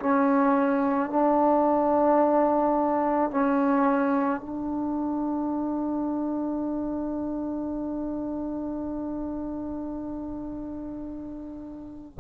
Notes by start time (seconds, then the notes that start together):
0.00 C#4
1.11 D4
3.31 C#4
4.41 D4